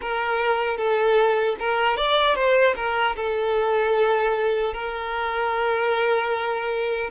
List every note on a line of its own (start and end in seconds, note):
0.01 0.77 A#4
0.77 1.56 A4
1.59 1.97 A#4
1.97 2.35 D5
2.35 2.74 C5
2.76 3.15 A#4
3.15 4.73 A4
4.73 7.10 A#4